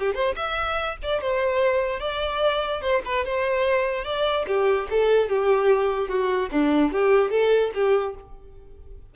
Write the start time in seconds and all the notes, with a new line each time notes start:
0.00 G4
0.15 C5
0.36 E5
1.03 D5
1.21 C5
2.00 D5
2.82 C5
3.05 B4
3.25 C5
4.05 D5
4.48 G4
4.91 A4
5.29 G4
6.09 F#4
6.52 D4
6.93 G4
7.31 A4
7.75 G4